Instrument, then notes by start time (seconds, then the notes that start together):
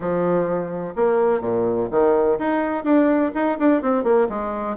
bassoon
0.00 F3
0.95 A#3
1.40 A#2
1.90 D#3
2.39 D#4
2.84 D4
3.34 D#4
3.58 D4
3.82 C4
4.03 A#3
4.29 G#3